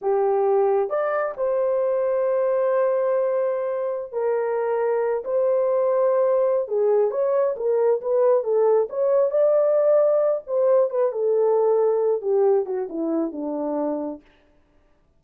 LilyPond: \new Staff \with { instrumentName = "horn" } { \time 4/4 \tempo 4 = 135 g'2 d''4 c''4~ | c''1~ | c''4~ c''16 ais'2~ ais'8 c''16~ | c''2. gis'4 |
cis''4 ais'4 b'4 a'4 | cis''4 d''2~ d''8 c''8~ | c''8 b'8 a'2~ a'8 g'8~ | g'8 fis'8 e'4 d'2 | }